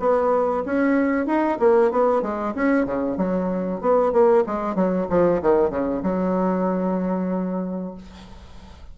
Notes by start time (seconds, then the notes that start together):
0.00 B3
0.66 C#4
1.27 D#4
1.60 A#3
1.91 B3
2.22 G#3
2.55 C#4
2.86 C#3
3.17 F#3
3.81 B3
4.13 A#3
4.47 G#3
4.76 F#3
5.10 F3
5.42 D#3
5.70 C#3
6.03 F#3